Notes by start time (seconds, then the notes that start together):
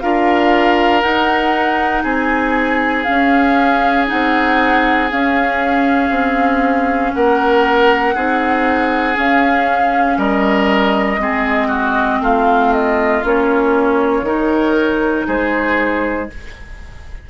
0.00 D4 F4 A#4 F5
1.01 D#4 F#5
2.03 C4 G#4 G#5
3.03 C#4 F5
4.07 C4 D#4 F#5
5.11 C#4 F5
6.10 C4
7.14 A#3 A#4 F#5
8.14 C4 D#4 G#4
9.15 C#4 F5
10.17 G3 A#4 D#5
11.18 G#3 C4 G#4
11.67 F#4
12.20 A3 F4 F5
12.73 D#5
13.24 A#3 C#4 C#5
14.22 D#3 D#4 A#4
15.27 G#3 G#4 C5